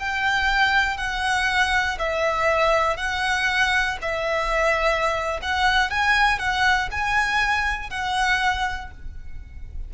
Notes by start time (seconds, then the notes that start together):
0.00 G5
0.98 F#5
1.99 E5
2.97 F#5
4.02 E5
5.42 F#5
5.91 G#5
6.39 F#5
6.91 G#5
7.90 F#5